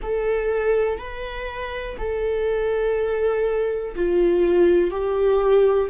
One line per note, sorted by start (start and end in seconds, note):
0.02 0.98 A4
0.98 1.96 B4
1.98 3.94 A4
3.95 4.90 F4
4.90 5.89 G4